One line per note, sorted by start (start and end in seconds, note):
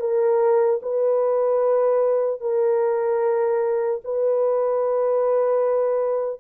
0.00 0.80 A#4
0.82 2.41 B4
2.41 4.01 A#4
4.04 6.40 B4